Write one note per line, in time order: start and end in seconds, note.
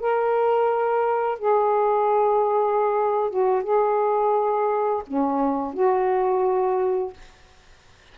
0.00 1.39 A#4
1.39 3.30 G#4
3.30 3.63 F#4
3.63 5.03 G#4
5.07 5.73 C#4
5.73 7.13 F#4